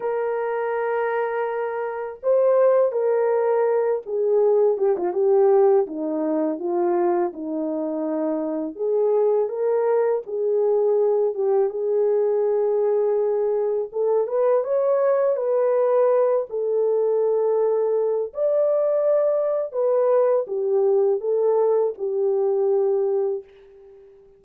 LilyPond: \new Staff \with { instrumentName = "horn" } { \time 4/4 \tempo 4 = 82 ais'2. c''4 | ais'4. gis'4 g'16 f'16 g'4 | dis'4 f'4 dis'2 | gis'4 ais'4 gis'4. g'8 |
gis'2. a'8 b'8 | cis''4 b'4. a'4.~ | a'4 d''2 b'4 | g'4 a'4 g'2 | }